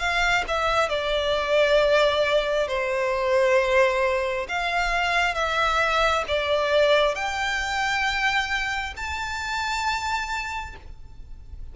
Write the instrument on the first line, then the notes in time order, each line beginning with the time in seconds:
violin
0.00 F5
0.48 E5
0.90 D5
2.68 C5
4.49 F5
5.35 E5
6.28 D5
7.16 G5
8.97 A5